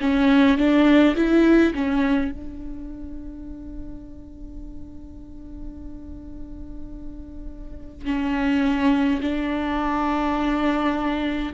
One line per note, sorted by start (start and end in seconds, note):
0.00 0.57 C#4
0.57 1.15 D4
1.15 1.73 E4
1.74 2.31 C#4
2.31 8.05 D4
8.05 9.20 C#4
9.21 11.52 D4